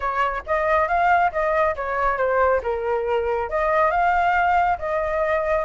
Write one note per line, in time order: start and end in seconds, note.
0.00 0.42 C#5
0.46 0.87 D#5
0.87 1.31 F5
1.32 1.75 D#5
1.75 2.17 C#5
2.17 2.60 C5
2.62 3.49 A#4
3.49 3.90 D#5
3.90 4.77 F5
4.78 5.65 D#5